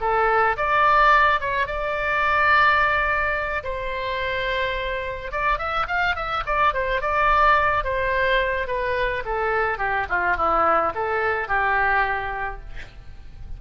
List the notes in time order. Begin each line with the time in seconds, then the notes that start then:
0.00 A4
0.56 D5
1.40 C#5
1.66 D5
3.63 C5
5.31 D5
5.58 E5
5.87 F5
6.15 E5
6.46 D5
6.73 C5
7.01 D5
7.84 C5
8.67 B4
9.25 A4
9.78 G4
10.09 F4
10.36 E4
10.94 A4
11.48 G4